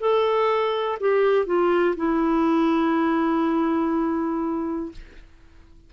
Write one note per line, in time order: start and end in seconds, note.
0.00 0.98 A4
1.00 1.46 G4
1.46 1.95 F4
1.96 4.91 E4